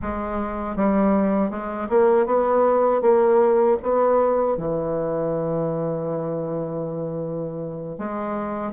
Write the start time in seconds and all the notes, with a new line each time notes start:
0.02 G#3
0.76 G3
1.50 G#3
1.89 A#3
2.25 B3
3.01 A#3
3.82 B3
4.57 E3
7.98 G#3